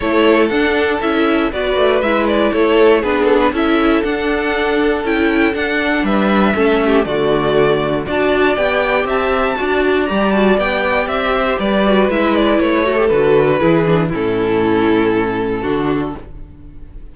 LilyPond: <<
  \new Staff \with { instrumentName = "violin" } { \time 4/4 \tempo 4 = 119 cis''4 fis''4 e''4 d''4 | e''8 d''8 cis''4 b'8 a'16 b'16 e''4 | fis''2 g''4 fis''4 | e''2 d''2 |
a''4 g''4 a''2 | ais''8 a''8 g''4 e''4 d''4 | e''8 d''8 cis''4 b'2 | a'1 | }
  \new Staff \with { instrumentName = "violin" } { \time 4/4 a'2. b'4~ | b'4 a'4 gis'4 a'4~ | a'1 | b'4 a'8 g'8 fis'2 |
d''2 e''4 d''4~ | d''2~ d''8 c''8 b'4~ | b'4. a'4. gis'4 | e'2. fis'4 | }
  \new Staff \with { instrumentName = "viola" } { \time 4/4 e'4 d'4 e'4 fis'4 | e'2 d'4 e'4 | d'2 e'4 d'4~ | d'4 cis'4 a2 |
fis'4 g'2 fis'4 | g'8 fis'8 g'2~ g'8 fis'8 | e'4. fis'16 g'16 fis'4 e'8 d'8 | cis'2. d'4 | }
  \new Staff \with { instrumentName = "cello" } { \time 4/4 a4 d'4 cis'4 b8 a8 | gis4 a4 b4 cis'4 | d'2 cis'4 d'4 | g4 a4 d2 |
d'4 b4 c'4 d'4 | g4 b4 c'4 g4 | gis4 a4 d4 e4 | a,2. d4 | }
>>